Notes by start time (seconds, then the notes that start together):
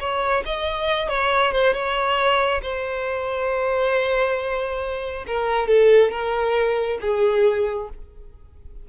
0.00 C#5
0.46 D#5
1.09 C#5
1.52 C5
1.74 C#5
2.63 C5
5.27 A#4
5.68 A4
6.11 A#4
7.01 G#4